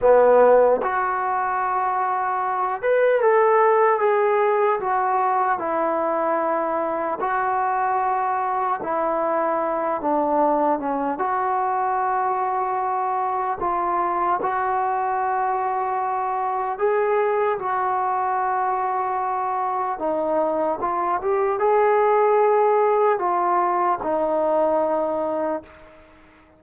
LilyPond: \new Staff \with { instrumentName = "trombone" } { \time 4/4 \tempo 4 = 75 b4 fis'2~ fis'8 b'8 | a'4 gis'4 fis'4 e'4~ | e'4 fis'2 e'4~ | e'8 d'4 cis'8 fis'2~ |
fis'4 f'4 fis'2~ | fis'4 gis'4 fis'2~ | fis'4 dis'4 f'8 g'8 gis'4~ | gis'4 f'4 dis'2 | }